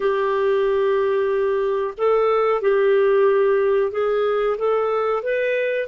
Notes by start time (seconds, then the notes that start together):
0.00 G4
1.97 A4
2.61 G4
3.91 G#4
4.58 A4
5.22 B4